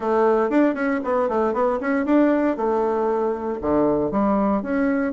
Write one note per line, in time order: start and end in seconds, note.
0.00 0.49 A3
0.49 0.74 D4
0.74 1.00 C#4
1.03 1.28 B3
1.28 1.53 A3
1.53 1.79 B3
1.80 2.05 C#4
2.05 2.56 D4
2.56 3.59 A3
3.61 4.11 D3
4.11 4.62 G3
4.62 5.13 C#4